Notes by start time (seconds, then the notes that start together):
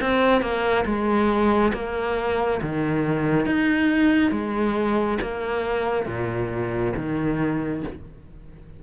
0.00 C4
0.41 A#3
0.85 G#3
1.74 A#3
2.62 D#3
3.45 D#4
4.31 G#3
5.21 A#3
6.06 A#2
6.96 D#3